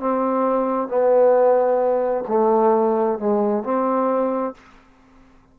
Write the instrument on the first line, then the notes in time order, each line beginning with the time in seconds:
trombone
0.00 C4
0.88 B3
2.28 A3
3.19 G#3
3.63 C4